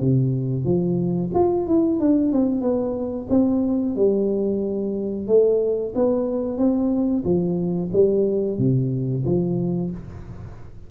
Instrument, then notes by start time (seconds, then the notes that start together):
tuba
0.00 C3
0.64 F3
1.34 F4
1.67 E4
2.00 D4
2.33 C4
2.61 B3
3.29 C4
3.95 G3
5.27 A3
5.95 B3
6.58 C4
7.24 F3
7.92 G3
8.58 C3
9.25 F3